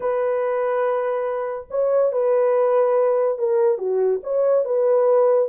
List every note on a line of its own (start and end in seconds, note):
0.00 1.67 B4
1.70 2.12 C#5
2.12 3.38 B4
3.38 3.78 A#4
3.78 4.20 F#4
4.23 4.64 C#5
4.64 5.48 B4